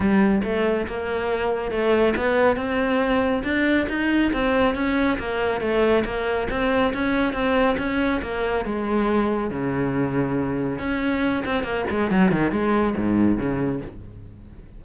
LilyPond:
\new Staff \with { instrumentName = "cello" } { \time 4/4 \tempo 4 = 139 g4 a4 ais2 | a4 b4 c'2 | d'4 dis'4 c'4 cis'4 | ais4 a4 ais4 c'4 |
cis'4 c'4 cis'4 ais4 | gis2 cis2~ | cis4 cis'4. c'8 ais8 gis8 | fis8 dis8 gis4 gis,4 cis4 | }